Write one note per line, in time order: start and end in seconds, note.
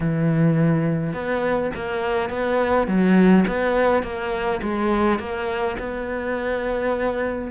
0.00 1.13 E3
1.13 1.71 B3
1.75 2.29 A#3
2.29 2.87 B3
2.87 3.44 F#3
3.47 4.03 B3
4.03 4.60 A#3
4.62 5.19 G#3
5.19 5.76 A#3
5.78 7.50 B3